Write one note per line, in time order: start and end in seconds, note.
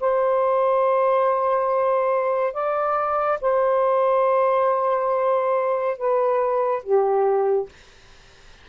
0.00 2.54 C5
2.54 3.39 D5
3.41 5.98 C5
5.98 6.83 B4
6.83 7.69 G4